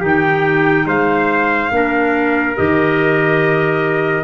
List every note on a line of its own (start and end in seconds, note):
0.00 0.86 D#3
0.00 1.69 D#4
0.00 0.85 G4
0.07 0.88 G5
0.86 1.70 G#3
0.86 1.71 C5
0.86 2.57 F5
1.71 2.55 A#3
1.71 2.56 D4
1.71 4.24 A#4
2.56 4.24 D#3
2.56 4.24 G4
2.56 4.24 D#5